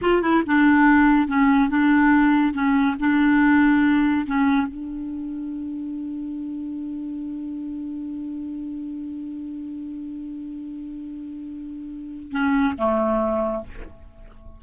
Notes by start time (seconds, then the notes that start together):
0.01 F4
0.22 E4
0.46 D4
1.27 C#4
1.69 D4
2.53 C#4
2.99 D4
4.26 C#4
4.67 D4
12.31 C#4
12.78 A3